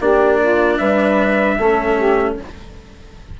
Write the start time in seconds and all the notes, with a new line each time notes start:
0.00 A#3 D4 G4 D5
0.40 F4
0.77 G3 B4 E5
1.57 A3 C#4 A4
1.96 G4